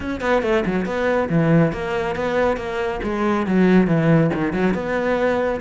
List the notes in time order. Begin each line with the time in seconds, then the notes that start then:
0.00 C#4
0.20 B3
0.42 A3
0.65 F#3
0.85 B3
1.29 E3
1.72 A#3
2.15 B3
2.56 A#3
3.03 G#3
3.46 F#3
3.87 E3
4.33 D#3
4.52 F#3
4.74 B3